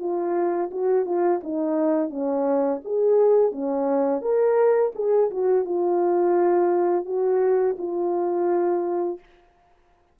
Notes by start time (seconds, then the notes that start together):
0.00 F4
0.72 F#4
1.06 F4
1.44 D#4
2.10 C#4
2.85 G#4
3.52 C#4
4.22 A#4
4.95 G#4
5.31 F#4
5.65 F4
7.06 F#4
7.79 F4